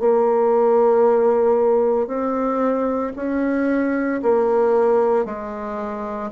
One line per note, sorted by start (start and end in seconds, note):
0.00 2.07 A#3
2.07 3.12 C4
3.16 4.22 C#4
4.22 5.25 A#3
5.25 6.31 G#3